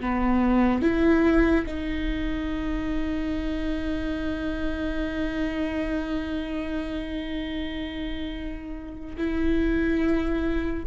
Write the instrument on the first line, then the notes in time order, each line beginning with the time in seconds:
viola
0.00 B3
0.81 E4
1.66 D#4
9.17 E4